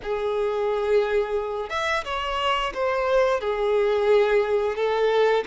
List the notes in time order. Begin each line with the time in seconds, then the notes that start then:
0.02 G#4
1.69 E5
2.04 C#5
2.73 C5
3.40 G#4
4.75 A4